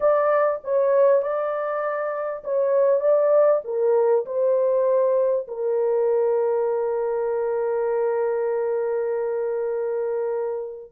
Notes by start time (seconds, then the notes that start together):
0.00 D5
0.64 C#5
1.22 D5
2.44 C#5
3.00 D5
3.64 A#4
4.25 C5
5.47 A#4